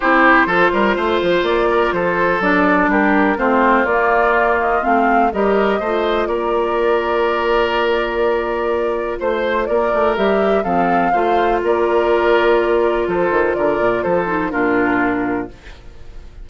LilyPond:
<<
  \new Staff \with { instrumentName = "flute" } { \time 4/4 \tempo 4 = 124 c''2. d''4 | c''4 d''4 ais'4 c''4 | d''4. dis''8 f''4 dis''4~ | dis''4 d''2.~ |
d''2. c''4 | d''4 e''4 f''2 | d''2. c''4 | d''4 c''4 ais'2 | }
  \new Staff \with { instrumentName = "oboe" } { \time 4/4 g'4 a'8 ais'8 c''4. ais'8 | a'2 g'4 f'4~ | f'2. ais'4 | c''4 ais'2.~ |
ais'2. c''4 | ais'2 a'4 c''4 | ais'2. a'4 | ais'4 a'4 f'2 | }
  \new Staff \with { instrumentName = "clarinet" } { \time 4/4 e'4 f'2.~ | f'4 d'2 c'4 | ais2 c'4 g'4 | f'1~ |
f'1~ | f'4 g'4 c'4 f'4~ | f'1~ | f'4. dis'8 d'2 | }
  \new Staff \with { instrumentName = "bassoon" } { \time 4/4 c'4 f8 g8 a8 f8 ais4 | f4 fis4 g4 a4 | ais2 a4 g4 | a4 ais2.~ |
ais2. a4 | ais8 a8 g4 f4 a4 | ais2. f8 dis8 | d8 ais,8 f4 ais,2 | }
>>